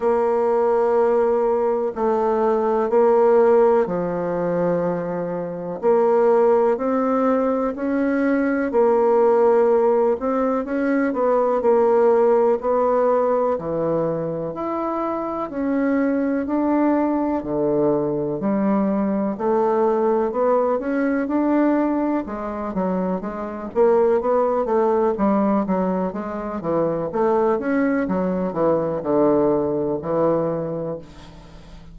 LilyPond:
\new Staff \with { instrumentName = "bassoon" } { \time 4/4 \tempo 4 = 62 ais2 a4 ais4 | f2 ais4 c'4 | cis'4 ais4. c'8 cis'8 b8 | ais4 b4 e4 e'4 |
cis'4 d'4 d4 g4 | a4 b8 cis'8 d'4 gis8 fis8 | gis8 ais8 b8 a8 g8 fis8 gis8 e8 | a8 cis'8 fis8 e8 d4 e4 | }